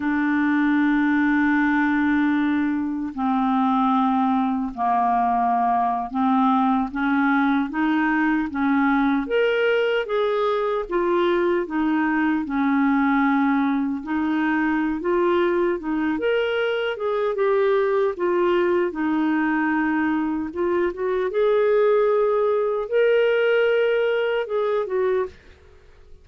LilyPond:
\new Staff \with { instrumentName = "clarinet" } { \time 4/4 \tempo 4 = 76 d'1 | c'2 ais4.~ ais16 c'16~ | c'8. cis'4 dis'4 cis'4 ais'16~ | ais'8. gis'4 f'4 dis'4 cis'16~ |
cis'4.~ cis'16 dis'4~ dis'16 f'4 | dis'8 ais'4 gis'8 g'4 f'4 | dis'2 f'8 fis'8 gis'4~ | gis'4 ais'2 gis'8 fis'8 | }